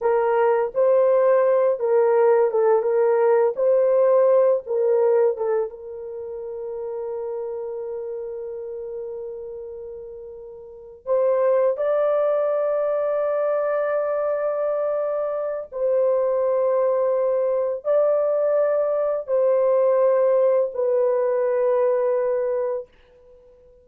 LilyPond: \new Staff \with { instrumentName = "horn" } { \time 4/4 \tempo 4 = 84 ais'4 c''4. ais'4 a'8 | ais'4 c''4. ais'4 a'8 | ais'1~ | ais'2.~ ais'8 c''8~ |
c''8 d''2.~ d''8~ | d''2 c''2~ | c''4 d''2 c''4~ | c''4 b'2. | }